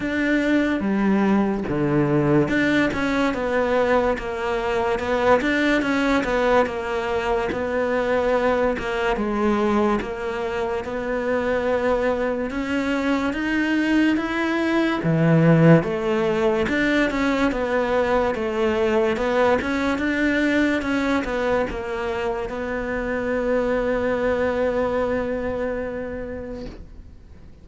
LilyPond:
\new Staff \with { instrumentName = "cello" } { \time 4/4 \tempo 4 = 72 d'4 g4 d4 d'8 cis'8 | b4 ais4 b8 d'8 cis'8 b8 | ais4 b4. ais8 gis4 | ais4 b2 cis'4 |
dis'4 e'4 e4 a4 | d'8 cis'8 b4 a4 b8 cis'8 | d'4 cis'8 b8 ais4 b4~ | b1 | }